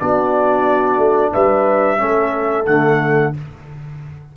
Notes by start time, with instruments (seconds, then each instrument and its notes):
0.00 tuba B3, trombone D4, horn F#4, trumpet D5
0.98 tuba A3
1.33 tuba G3, horn B4, trumpet E5
1.98 tuba A3, trombone C#4, horn A4
2.66 tuba D3, trombone A3, trumpet F#5